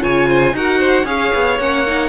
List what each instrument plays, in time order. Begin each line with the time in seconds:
0.00 cello C#3, viola F4, violin C#5 G#5
0.28 violin C5
0.52 cello D#4, viola F#4, violin A#4 F#5
0.79 violin C5
1.03 cello C#4, viola G#4, violin C#5 F5
1.34 cello B3
1.59 cello A#3, viola C#4, violin F#5
1.86 viola D#4